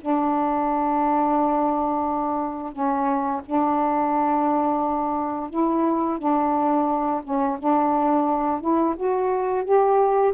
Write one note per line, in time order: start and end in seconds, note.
0.00 2.72 D4
2.72 3.41 C#4
3.45 5.50 D4
5.50 6.18 E4
6.18 7.21 D4
7.23 7.57 C#4
7.58 8.60 D4
8.60 8.95 E4
8.96 9.64 F#4
9.64 10.33 G4